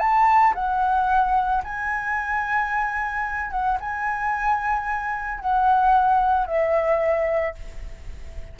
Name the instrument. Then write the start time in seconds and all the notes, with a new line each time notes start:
flute
0.00 A5
0.55 F#5
1.64 G#5
3.51 F#5
3.81 G#5
5.40 F#5
6.47 E5